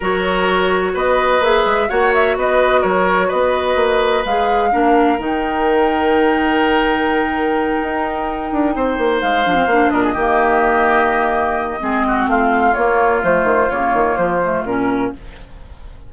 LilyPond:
<<
  \new Staff \with { instrumentName = "flute" } { \time 4/4 \tempo 4 = 127 cis''2 dis''4 e''4 | fis''8 e''8 dis''4 cis''4 dis''4~ | dis''4 f''2 g''4~ | g''1~ |
g''2.~ g''8 f''8~ | f''4 dis''2.~ | dis''2 f''4 cis''4 | c''4 cis''4 c''4 ais'4 | }
  \new Staff \with { instrumentName = "oboe" } { \time 4/4 ais'2 b'2 | cis''4 b'4 ais'4 b'4~ | b'2 ais'2~ | ais'1~ |
ais'2~ ais'8 c''4.~ | c''4 ais'16 gis'16 g'2~ g'8~ | g'4 gis'8 fis'8 f'2~ | f'1 | }
  \new Staff \with { instrumentName = "clarinet" } { \time 4/4 fis'2. gis'4 | fis'1~ | fis'4 gis'4 d'4 dis'4~ | dis'1~ |
dis'1 | d'16 c'16 d'4 ais2~ ais8~ | ais4 c'2 ais4 | a4 ais4. a8 cis'4 | }
  \new Staff \with { instrumentName = "bassoon" } { \time 4/4 fis2 b4 ais8 gis8 | ais4 b4 fis4 b4 | ais4 gis4 ais4 dis4~ | dis1~ |
dis8 dis'4. d'8 c'8 ais8 gis8 | f8 ais8 ais,8 dis2~ dis8~ | dis4 gis4 a4 ais4 | f8 dis8 cis8 dis8 f4 ais,4 | }
>>